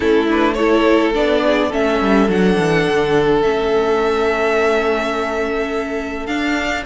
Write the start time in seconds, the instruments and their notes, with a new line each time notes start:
0.00 cello A3, viola C#4, violin E4 A4
0.28 viola D4, violin B4
0.54 viola E4, violin A4 C#5
1.13 cello B3, viola D4, violin D5
1.45 violin G#4
1.68 cello A3, viola C#4, violin A4 E5
2.01 cello G3
2.28 cello F#3, viola D4, violin F#5
2.58 cello E3
2.89 cello D3
3.42 cello A3, viola C#4, violin E5
6.26 viola D4, cello D4, violin F5